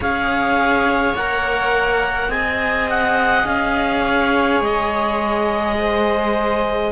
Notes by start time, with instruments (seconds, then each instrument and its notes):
0.00 cello C#4 G#4, viola C#5, clarinet F5
1.13 cello A#3 A#4, clarinet F#5
2.28 cello C4 G#4, viola D#5, clarinet G#5
2.89 clarinet F#5
3.45 cello C#4, clarinet F5
4.00 viola C#5
4.60 cello G#3, clarinet D#5
5.77 viola C5